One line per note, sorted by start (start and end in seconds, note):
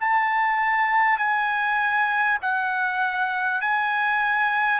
0.00 1.18 A5
1.18 2.38 G#5
2.41 3.61 F#5
3.61 4.79 G#5